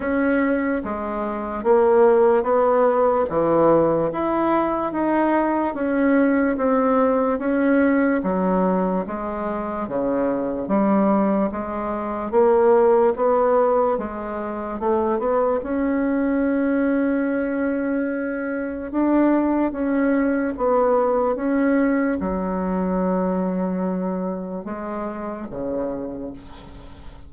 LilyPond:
\new Staff \with { instrumentName = "bassoon" } { \time 4/4 \tempo 4 = 73 cis'4 gis4 ais4 b4 | e4 e'4 dis'4 cis'4 | c'4 cis'4 fis4 gis4 | cis4 g4 gis4 ais4 |
b4 gis4 a8 b8 cis'4~ | cis'2. d'4 | cis'4 b4 cis'4 fis4~ | fis2 gis4 cis4 | }